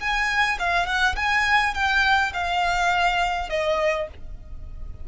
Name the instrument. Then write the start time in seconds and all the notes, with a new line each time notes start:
violin
0.00 G#5
0.59 F5
0.86 F#5
1.16 G#5
1.74 G5
2.34 F5
3.50 D#5